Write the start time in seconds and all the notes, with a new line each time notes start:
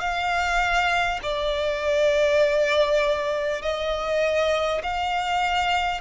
0.00 F5
1.23 D5
3.62 D#5
4.83 F5